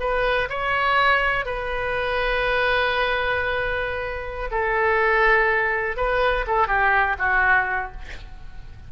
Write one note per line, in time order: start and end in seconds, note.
0.00 0.49 B4
0.50 1.46 C#5
1.46 4.51 B4
4.51 5.97 A4
5.97 6.45 B4
6.47 6.67 A4
6.67 7.16 G4
7.19 7.92 F#4